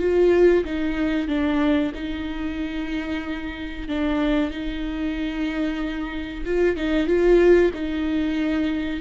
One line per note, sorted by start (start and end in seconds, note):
0.00 0.65 F4
0.65 1.28 D#4
1.28 1.93 D4
1.95 3.89 D#4
3.89 4.51 D4
4.51 6.45 D#4
6.46 6.77 F4
6.77 7.08 D#4
7.08 7.72 F4
7.74 9.01 D#4